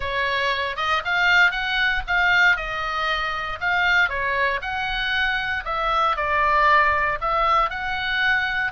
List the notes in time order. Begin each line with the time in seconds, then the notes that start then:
0.00 C#5
0.76 D#5
1.04 F5
1.51 F#5
2.07 F5
2.56 D#5
3.60 F5
4.09 C#5
4.61 F#5
5.65 E5
6.16 D5
7.21 E5
7.70 F#5